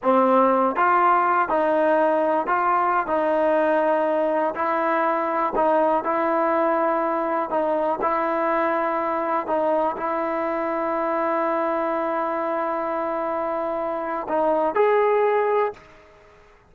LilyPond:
\new Staff \with { instrumentName = "trombone" } { \time 4/4 \tempo 4 = 122 c'4. f'4. dis'4~ | dis'4 f'4~ f'16 dis'4.~ dis'16~ | dis'4~ dis'16 e'2 dis'8.~ | dis'16 e'2. dis'8.~ |
dis'16 e'2. dis'8.~ | dis'16 e'2.~ e'8.~ | e'1~ | e'4 dis'4 gis'2 | }